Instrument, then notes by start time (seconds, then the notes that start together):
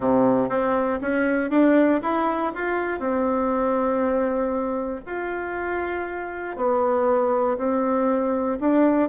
bassoon
0.00 C3
0.49 C4
1.01 C#4
1.50 D4
2.02 E4
2.54 F4
2.99 C4
5.06 F4
6.56 B3
7.57 C4
8.60 D4